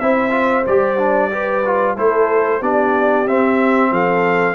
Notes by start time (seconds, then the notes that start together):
0.00 C4 E4 C5 E5
0.31 F4
0.67 G3 G4 D5
0.99 D4
1.32 G4 B4
1.66 F4
1.96 A3 E4 A4 C5
2.60 B3 D4 G4 D5
3.26 C4 E5
3.92 F3 A4 F5